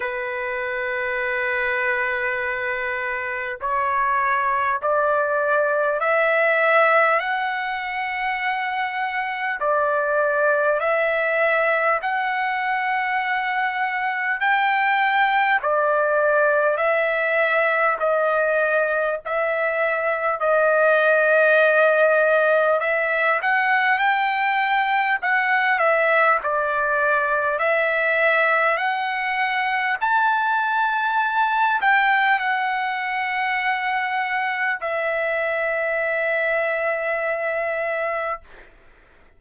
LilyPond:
\new Staff \with { instrumentName = "trumpet" } { \time 4/4 \tempo 4 = 50 b'2. cis''4 | d''4 e''4 fis''2 | d''4 e''4 fis''2 | g''4 d''4 e''4 dis''4 |
e''4 dis''2 e''8 fis''8 | g''4 fis''8 e''8 d''4 e''4 | fis''4 a''4. g''8 fis''4~ | fis''4 e''2. | }